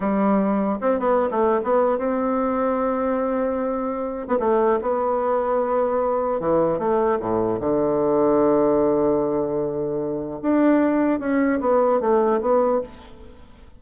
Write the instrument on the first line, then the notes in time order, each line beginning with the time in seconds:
bassoon
0.00 G3
0.80 C4
0.99 B3
1.31 A3
1.63 B3
1.97 C4
4.27 B3
4.39 A3
4.81 B3
6.39 E3
6.79 A3
7.19 A2
7.59 D3
10.41 D4
11.19 C#4
11.60 B3
12.00 A3
12.40 B3